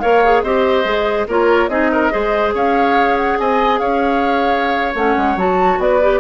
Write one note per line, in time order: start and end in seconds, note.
0.00 0.43 A#3
0.00 0.23 A#4
0.00 0.43 C#5
0.00 0.42 F5
0.25 0.45 G#4
0.42 0.85 C4
0.42 0.84 G4
0.42 1.27 C5
0.42 1.26 D#5
0.84 1.27 G#3
0.84 1.26 G#4
1.28 1.68 A#3
1.28 1.70 F4
1.28 1.70 A#4
1.28 1.69 C#5
1.68 2.10 C4
1.68 2.11 D#4
1.68 1.91 G#4
1.68 2.53 D#5
1.92 2.13 A#4
2.11 2.54 G#3
2.11 4.94 G#4
2.11 2.54 C5
2.54 3.38 C#4
2.54 3.38 C#5
2.54 3.17 F5
3.17 3.38 F#5
3.39 3.80 C4
3.39 3.80 D#5
3.39 3.79 G#5
3.79 4.95 C#4
3.79 5.79 C#5
3.79 4.94 F5
4.95 5.16 A3
4.95 5.38 C#4
4.95 5.38 F#5
5.17 5.36 G#3
5.36 5.78 F#3
5.36 6.01 F#4
5.36 5.80 A5
5.78 6.20 B3
5.78 6.20 B4
5.78 6.20 D5
6.02 6.20 G4